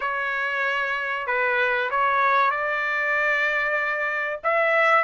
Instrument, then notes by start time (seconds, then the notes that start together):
trumpet
0.00 C#5
1.26 B4
1.90 C#5
2.50 D5
4.43 E5